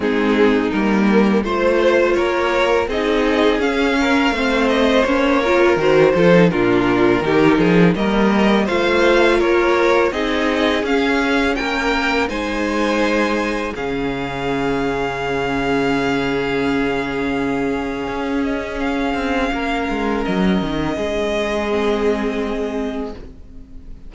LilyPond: <<
  \new Staff \with { instrumentName = "violin" } { \time 4/4 \tempo 4 = 83 gis'4 ais'4 c''4 cis''4 | dis''4 f''4. dis''8 cis''4 | c''4 ais'2 dis''4 | f''4 cis''4 dis''4 f''4 |
g''4 gis''2 f''4~ | f''1~ | f''4. dis''8 f''2 | dis''1 | }
  \new Staff \with { instrumentName = "violin" } { \time 4/4 dis'2 c''4 ais'4 | gis'4. ais'8 c''4. ais'8~ | ais'8 a'8 f'4 g'8 gis'8 ais'4 | c''4 ais'4 gis'2 |
ais'4 c''2 gis'4~ | gis'1~ | gis'2. ais'4~ | ais'4 gis'2. | }
  \new Staff \with { instrumentName = "viola" } { \time 4/4 c'4 ais4 f'2 | dis'4 cis'4 c'4 cis'8 f'8 | fis'8 f'16 dis'16 d'4 dis'4 ais4 | f'2 dis'4 cis'4~ |
cis'4 dis'2 cis'4~ | cis'1~ | cis'1~ | cis'2 c'2 | }
  \new Staff \with { instrumentName = "cello" } { \time 4/4 gis4 g4 a4 ais4 | c'4 cis'4 a4 ais4 | dis8 f8 ais,4 dis8 f8 g4 | a4 ais4 c'4 cis'4 |
ais4 gis2 cis4~ | cis1~ | cis4 cis'4. c'8 ais8 gis8 | fis8 dis8 gis2. | }
>>